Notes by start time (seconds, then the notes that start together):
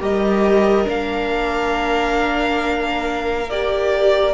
0.00 G3 G4 A#4 D#5
0.85 A#3 D4 F5
3.50 G4 D5